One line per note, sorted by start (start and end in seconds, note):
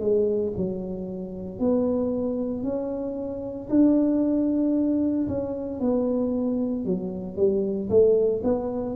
0.00 0.53 G#3
0.56 1.59 F#3
1.59 2.63 B3
2.63 3.68 C#4
3.69 5.27 D4
5.28 5.80 C#4
5.80 6.85 B3
6.85 7.36 F#3
7.36 7.89 G3
7.89 8.42 A3
8.44 8.95 B3